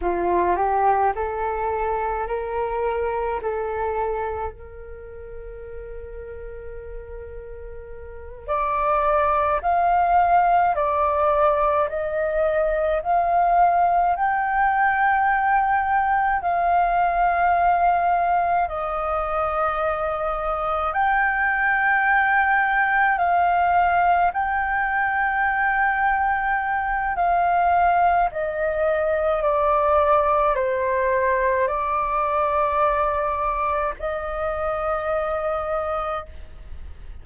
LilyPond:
\new Staff \with { instrumentName = "flute" } { \time 4/4 \tempo 4 = 53 f'8 g'8 a'4 ais'4 a'4 | ais'2.~ ais'8 d''8~ | d''8 f''4 d''4 dis''4 f''8~ | f''8 g''2 f''4.~ |
f''8 dis''2 g''4.~ | g''8 f''4 g''2~ g''8 | f''4 dis''4 d''4 c''4 | d''2 dis''2 | }